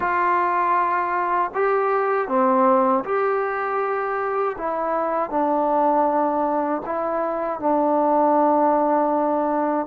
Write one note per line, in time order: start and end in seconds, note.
0.00 1.51 F4
1.54 2.28 G4
2.28 3.04 C4
3.04 4.56 G4
4.57 5.30 E4
5.30 6.81 D4
6.85 7.59 E4
7.59 9.86 D4